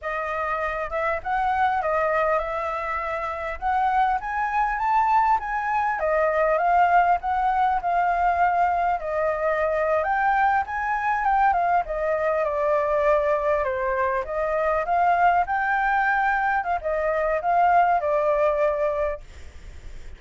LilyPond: \new Staff \with { instrumentName = "flute" } { \time 4/4 \tempo 4 = 100 dis''4. e''8 fis''4 dis''4 | e''2 fis''4 gis''4 | a''4 gis''4 dis''4 f''4 | fis''4 f''2 dis''4~ |
dis''8. g''4 gis''4 g''8 f''8 dis''16~ | dis''8. d''2 c''4 dis''16~ | dis''8. f''4 g''2 f''16 | dis''4 f''4 d''2 | }